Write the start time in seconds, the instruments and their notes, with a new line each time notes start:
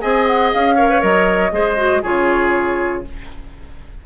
0.00 bassoon C4, clarinet G#4, oboe D#5, flute G#5
0.27 flute F#5
0.53 bassoon C#4, flute F5
0.75 clarinet A#4, oboe C#5
0.89 clarinet B4
1.00 bassoon F#3, clarinet A#4, flute D#5
1.51 bassoon G#3, clarinet G#4, oboe C5
1.77 clarinet F#4
2.02 bassoon C#3, clarinet F4, oboe G#4, flute C#5